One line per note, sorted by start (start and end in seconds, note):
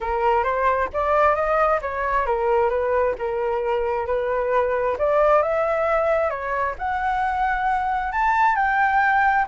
0.00 0.43 A#4
0.43 0.88 C5
0.93 1.35 D5
1.35 1.80 D#5
1.81 2.26 C#5
2.26 2.69 A#4
2.69 3.14 B4
3.18 4.06 A#4
4.06 4.96 B4
4.98 5.42 D5
5.42 6.29 E5
6.29 6.74 C#5
6.78 8.11 F#5
8.11 8.55 A5
8.55 9.45 G5